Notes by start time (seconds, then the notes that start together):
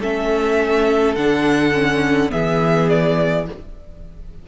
0.00 A3 C#4 A4 E5
1.15 D3 D4 F#5
1.73 C#4
2.29 E3 B3 G#4 E5
2.89 D5